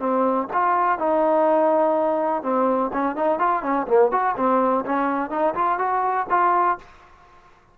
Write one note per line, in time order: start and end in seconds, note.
0.00 0.48 C4
0.53 0.99 F4
0.99 2.43 D#4
2.43 2.91 C4
2.93 3.16 C#4
3.16 3.39 D#4
3.39 3.63 F4
3.63 3.87 C#4
3.88 4.12 A#3
4.12 4.36 F#4
4.37 4.85 C4
4.86 5.30 C#4
5.30 5.54 D#4
5.55 5.79 F4
5.79 6.27 F#4
6.30 6.78 F4